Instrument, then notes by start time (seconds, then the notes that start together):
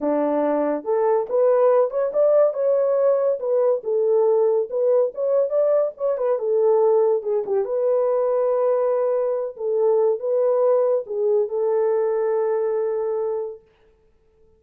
horn
0.00 D4
0.84 A4
1.29 B4
1.90 C#5
2.13 D5
2.53 C#5
3.39 B4
3.83 A4
4.69 B4
5.14 C#5
5.49 D5
5.97 C#5
6.17 B4
6.38 A4
7.22 G#4
7.46 G4
7.64 B4
9.56 A4
10.19 B4
11.06 G#4
11.49 A4